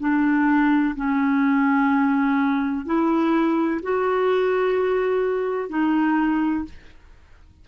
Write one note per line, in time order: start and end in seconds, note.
0.00 0.95 D4
0.96 2.86 C#4
2.86 3.81 E4
3.83 5.70 F#4
5.70 6.65 D#4